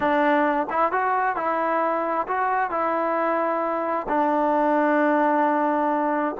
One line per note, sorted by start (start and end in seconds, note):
0.00 0.67 D4
0.69 0.92 E4
0.92 1.36 F#4
1.36 2.26 E4
2.27 2.70 F#4
2.70 4.07 E4
4.08 6.35 D4